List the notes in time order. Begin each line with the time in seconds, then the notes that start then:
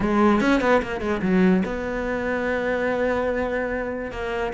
0.00 G#3
0.40 C#4
0.61 B3
0.82 A#3
1.00 G#3
1.22 F#3
1.65 B3
4.11 A#3